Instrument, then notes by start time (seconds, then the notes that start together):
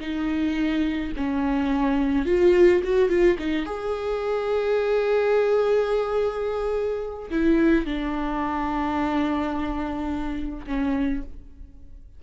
viola
0.00 D#4
1.16 C#4
2.26 F4
2.83 F#4
3.09 F4
3.39 D#4
3.66 G#4
7.30 E4
7.85 D4
10.67 C#4